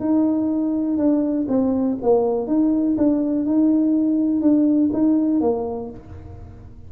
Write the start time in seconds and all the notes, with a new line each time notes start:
0.00 D#4
0.98 D4
1.49 C4
2.03 A#3
2.47 D#4
2.98 D4
3.46 D#4
4.42 D4
4.93 D#4
5.41 A#3